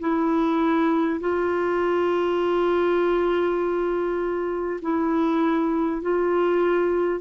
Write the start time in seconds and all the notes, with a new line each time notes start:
0.00 E4
1.21 F4
4.82 E4
6.02 F4